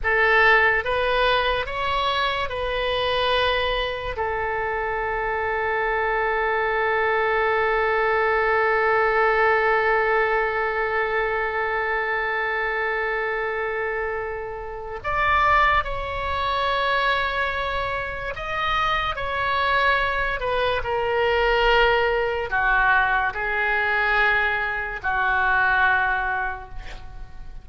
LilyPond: \new Staff \with { instrumentName = "oboe" } { \time 4/4 \tempo 4 = 72 a'4 b'4 cis''4 b'4~ | b'4 a'2.~ | a'1~ | a'1~ |
a'2 d''4 cis''4~ | cis''2 dis''4 cis''4~ | cis''8 b'8 ais'2 fis'4 | gis'2 fis'2 | }